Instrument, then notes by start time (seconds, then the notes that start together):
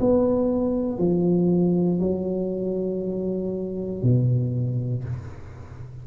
tuba
0.00 B3
0.98 F3
1.99 F#3
4.02 B2